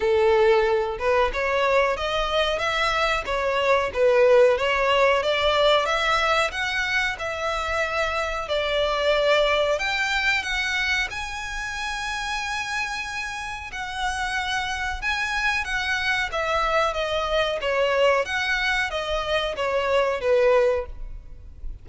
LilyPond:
\new Staff \with { instrumentName = "violin" } { \time 4/4 \tempo 4 = 92 a'4. b'8 cis''4 dis''4 | e''4 cis''4 b'4 cis''4 | d''4 e''4 fis''4 e''4~ | e''4 d''2 g''4 |
fis''4 gis''2.~ | gis''4 fis''2 gis''4 | fis''4 e''4 dis''4 cis''4 | fis''4 dis''4 cis''4 b'4 | }